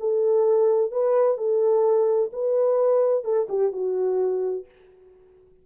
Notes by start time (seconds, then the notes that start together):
0.00 A4
0.92 B4
1.38 A4
2.33 B4
3.25 A4
3.49 G4
3.73 F#4